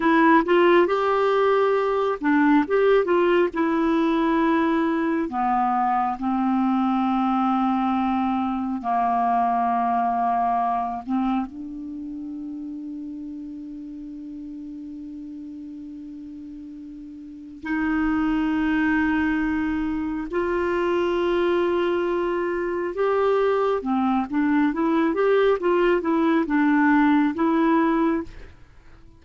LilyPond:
\new Staff \with { instrumentName = "clarinet" } { \time 4/4 \tempo 4 = 68 e'8 f'8 g'4. d'8 g'8 f'8 | e'2 b4 c'4~ | c'2 ais2~ | ais8 c'8 d'2.~ |
d'1 | dis'2. f'4~ | f'2 g'4 c'8 d'8 | e'8 g'8 f'8 e'8 d'4 e'4 | }